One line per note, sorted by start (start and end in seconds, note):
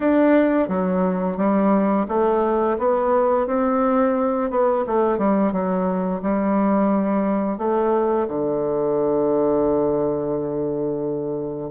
0.00 0.68 D4
0.68 1.37 F#3
1.37 2.06 G3
2.08 2.77 A3
2.78 3.46 B3
3.46 4.50 C4
4.50 4.84 B3
4.86 5.18 A3
5.18 5.52 G3
5.52 6.21 F#3
6.22 7.58 G3
7.58 8.27 A3
8.28 11.71 D3